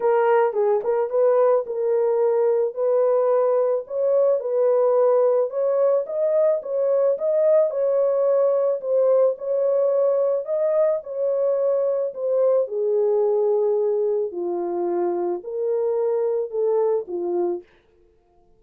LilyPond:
\new Staff \with { instrumentName = "horn" } { \time 4/4 \tempo 4 = 109 ais'4 gis'8 ais'8 b'4 ais'4~ | ais'4 b'2 cis''4 | b'2 cis''4 dis''4 | cis''4 dis''4 cis''2 |
c''4 cis''2 dis''4 | cis''2 c''4 gis'4~ | gis'2 f'2 | ais'2 a'4 f'4 | }